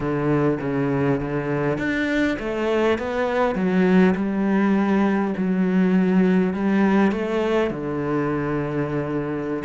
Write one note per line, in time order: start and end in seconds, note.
0.00 0.58 D3
0.60 1.20 C#3
1.20 1.78 D3
1.78 2.37 D4
2.39 2.98 A3
2.98 3.55 B3
3.55 4.14 F#3
4.14 5.33 G3
5.36 6.53 F#3
6.53 7.11 G3
7.11 7.70 A3
7.70 9.63 D3